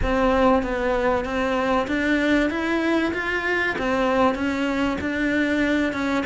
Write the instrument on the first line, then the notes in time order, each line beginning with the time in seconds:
cello
0.02 C4
0.62 B3
1.24 C4
1.87 D4
2.50 E4
3.13 F4
3.78 C4
4.34 C#4
5.01 D4
5.92 C#4